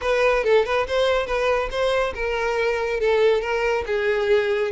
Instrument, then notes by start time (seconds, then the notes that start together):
violin
0.01 B4
0.44 A4
0.65 B4
0.87 C5
1.26 B4
1.70 C5
2.14 A#4
3.00 A4
3.41 A#4
3.86 G#4